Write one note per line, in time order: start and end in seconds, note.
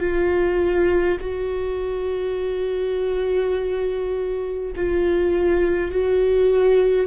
0.00 1.18 F4
1.20 4.73 F#4
4.76 5.91 F4
5.91 7.07 F#4